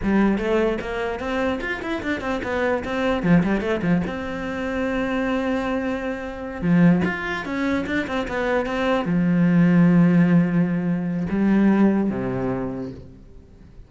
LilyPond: \new Staff \with { instrumentName = "cello" } { \time 4/4 \tempo 4 = 149 g4 a4 ais4 c'4 | f'8 e'8 d'8 c'8 b4 c'4 | f8 g8 a8 f8 c'2~ | c'1~ |
c'8 f4 f'4 cis'4 d'8 | c'8 b4 c'4 f4.~ | f1 | g2 c2 | }